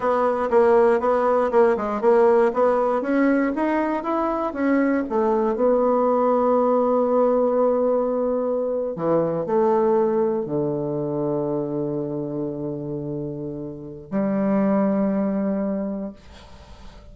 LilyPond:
\new Staff \with { instrumentName = "bassoon" } { \time 4/4 \tempo 4 = 119 b4 ais4 b4 ais8 gis8 | ais4 b4 cis'4 dis'4 | e'4 cis'4 a4 b4~ | b1~ |
b4.~ b16 e4 a4~ a16~ | a8. d2.~ d16~ | d1 | g1 | }